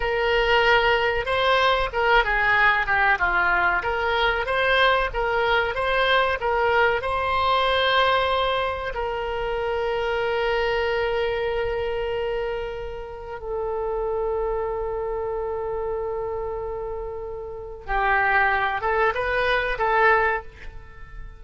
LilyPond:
\new Staff \with { instrumentName = "oboe" } { \time 4/4 \tempo 4 = 94 ais'2 c''4 ais'8 gis'8~ | gis'8 g'8 f'4 ais'4 c''4 | ais'4 c''4 ais'4 c''4~ | c''2 ais'2~ |
ais'1~ | ais'4 a'2.~ | a'1 | g'4. a'8 b'4 a'4 | }